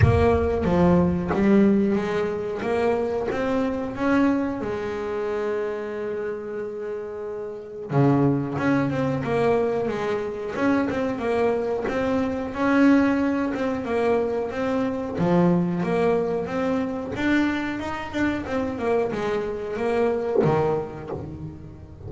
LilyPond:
\new Staff \with { instrumentName = "double bass" } { \time 4/4 \tempo 4 = 91 ais4 f4 g4 gis4 | ais4 c'4 cis'4 gis4~ | gis1 | cis4 cis'8 c'8 ais4 gis4 |
cis'8 c'8 ais4 c'4 cis'4~ | cis'8 c'8 ais4 c'4 f4 | ais4 c'4 d'4 dis'8 d'8 | c'8 ais8 gis4 ais4 dis4 | }